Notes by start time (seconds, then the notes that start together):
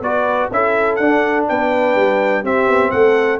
0.00 B3 F#4 B4 D5
0.50 C#4 E4 A4 E5
0.95 D4 F#5
1.48 B3 B4 G5
1.95 G3
2.42 C4 G4 E5
2.67 B3
2.91 A3 A4 F#5